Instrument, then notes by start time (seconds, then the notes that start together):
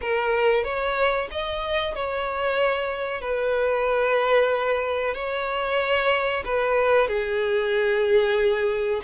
violin
0.01 A#4
0.64 C#5
1.31 D#5
1.95 C#5
3.21 B4
5.14 C#5
6.44 B4
7.08 G#4